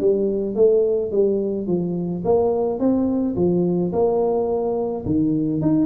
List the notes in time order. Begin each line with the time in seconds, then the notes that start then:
0.00 G3
0.55 A3
1.12 G3
1.67 F3
2.24 A#3
2.79 C4
3.36 F3
3.93 A#3
5.05 D#3
5.61 D#4